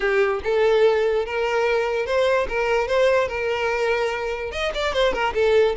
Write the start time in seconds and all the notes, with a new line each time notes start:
0.00 G4
0.43 A4
1.25 A#4
2.05 C5
2.48 A#4
2.87 C5
3.28 A#4
4.51 D#5
4.74 D5
4.93 C5
5.13 A#4
5.34 A4